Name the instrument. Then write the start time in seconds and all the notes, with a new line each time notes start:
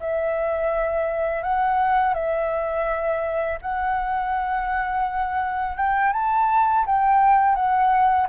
flute
0.00 E5
1.43 F#5
2.14 E5
3.61 F#5
5.77 G5
6.13 A5
6.86 G5
7.55 F#5